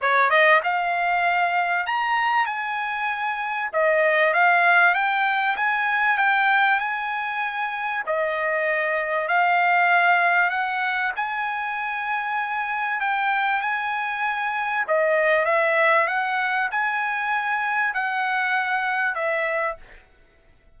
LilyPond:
\new Staff \with { instrumentName = "trumpet" } { \time 4/4 \tempo 4 = 97 cis''8 dis''8 f''2 ais''4 | gis''2 dis''4 f''4 | g''4 gis''4 g''4 gis''4~ | gis''4 dis''2 f''4~ |
f''4 fis''4 gis''2~ | gis''4 g''4 gis''2 | dis''4 e''4 fis''4 gis''4~ | gis''4 fis''2 e''4 | }